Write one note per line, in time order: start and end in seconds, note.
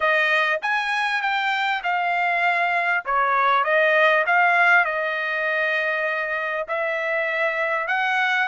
0.00 0.60 D#5
0.62 1.21 G#5
1.21 1.82 G5
1.83 3.04 F5
3.05 3.64 C#5
3.64 4.24 D#5
4.26 4.85 F5
4.85 6.66 D#5
6.68 7.87 E5
7.87 8.47 F#5